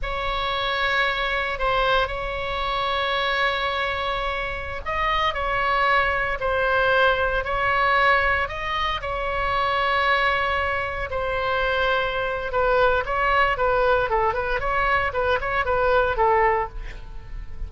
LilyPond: \new Staff \with { instrumentName = "oboe" } { \time 4/4 \tempo 4 = 115 cis''2. c''4 | cis''1~ | cis''4~ cis''16 dis''4 cis''4.~ cis''16~ | cis''16 c''2 cis''4.~ cis''16~ |
cis''16 dis''4 cis''2~ cis''8.~ | cis''4~ cis''16 c''2~ c''8. | b'4 cis''4 b'4 a'8 b'8 | cis''4 b'8 cis''8 b'4 a'4 | }